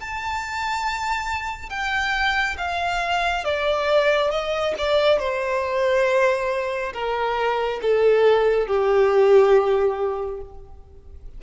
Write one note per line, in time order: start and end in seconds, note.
0.00 1.70 A5
1.70 2.57 G5
2.58 3.45 F5
3.45 4.31 D5
4.31 4.74 D#5
4.78 5.19 D5
5.19 6.93 C5
6.93 7.80 A#4
7.82 8.67 A4
8.67 10.41 G4